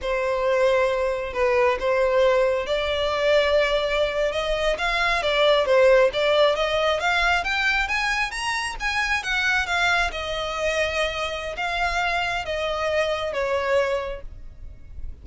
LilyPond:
\new Staff \with { instrumentName = "violin" } { \time 4/4 \tempo 4 = 135 c''2. b'4 | c''2 d''2~ | d''4.~ d''16 dis''4 f''4 d''16~ | d''8. c''4 d''4 dis''4 f''16~ |
f''8. g''4 gis''4 ais''4 gis''16~ | gis''8. fis''4 f''4 dis''4~ dis''16~ | dis''2 f''2 | dis''2 cis''2 | }